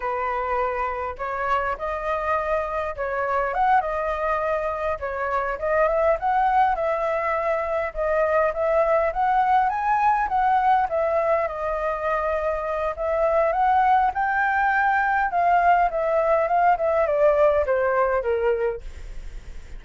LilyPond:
\new Staff \with { instrumentName = "flute" } { \time 4/4 \tempo 4 = 102 b'2 cis''4 dis''4~ | dis''4 cis''4 fis''8 dis''4.~ | dis''8 cis''4 dis''8 e''8 fis''4 e''8~ | e''4. dis''4 e''4 fis''8~ |
fis''8 gis''4 fis''4 e''4 dis''8~ | dis''2 e''4 fis''4 | g''2 f''4 e''4 | f''8 e''8 d''4 c''4 ais'4 | }